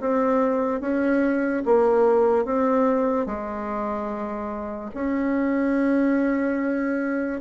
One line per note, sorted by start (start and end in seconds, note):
0.00 0.80 C4
0.80 1.63 C#4
1.65 2.45 A#3
2.45 3.26 C4
3.26 4.90 G#3
4.94 7.40 C#4